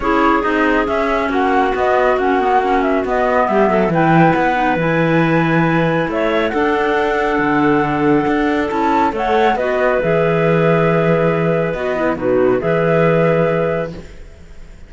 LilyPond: <<
  \new Staff \with { instrumentName = "flute" } { \time 4/4 \tempo 4 = 138 cis''4 dis''4 e''4 fis''4 | dis''4 fis''4. e''8 dis''4 | e''4 g''4 fis''4 gis''4~ | gis''2 e''4 fis''4~ |
fis''1 | a''4 fis''4 dis''4 e''4~ | e''2. dis''4 | b'4 e''2. | }
  \new Staff \with { instrumentName = "clarinet" } { \time 4/4 gis'2. fis'4~ | fis'1 | g'8 a'8 b'2.~ | b'2 cis''4 a'4~ |
a'1~ | a'4 cis''4 b'2~ | b'1 | fis'4 b'2. | }
  \new Staff \with { instrumentName = "clarinet" } { \time 4/4 e'4 dis'4 cis'2 | b4 cis'8 b8 cis'4 b4~ | b4 e'4. dis'8 e'4~ | e'2. d'4~ |
d'1 | e'4 a'4 fis'4 gis'4~ | gis'2. fis'8 e'8 | dis'4 gis'2. | }
  \new Staff \with { instrumentName = "cello" } { \time 4/4 cis'4 c'4 cis'4 ais4 | b4 ais2 b4 | g8 fis8 e4 b4 e4~ | e2 a4 d'4~ |
d'4 d2 d'4 | cis'4 a4 b4 e4~ | e2. b4 | b,4 e2. | }
>>